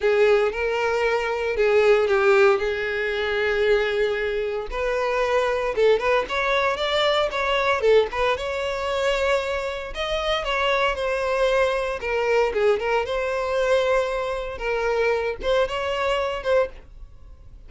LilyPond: \new Staff \with { instrumentName = "violin" } { \time 4/4 \tempo 4 = 115 gis'4 ais'2 gis'4 | g'4 gis'2.~ | gis'4 b'2 a'8 b'8 | cis''4 d''4 cis''4 a'8 b'8 |
cis''2. dis''4 | cis''4 c''2 ais'4 | gis'8 ais'8 c''2. | ais'4. c''8 cis''4. c''8 | }